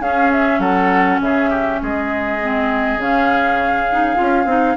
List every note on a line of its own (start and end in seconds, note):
0.00 0.59 C#4
0.00 2.41 C#4
0.00 0.61 G#4
0.00 0.32 F5
0.32 0.61 E5
0.59 1.19 F#3
0.59 1.20 A4
0.59 1.20 F#5
1.21 1.81 C#3
1.21 1.50 G#4
1.21 1.82 E5
1.50 1.80 G4
1.83 2.98 G#3
1.83 4.77 G#4
1.83 3.02 D#5
2.41 3.00 C4
2.98 4.17 C#3
2.98 3.89 C#4
2.98 4.77 F5
3.92 4.16 D#4
4.16 4.46 C#4
4.16 4.45 F4
4.46 4.75 C4
4.46 4.77 D#4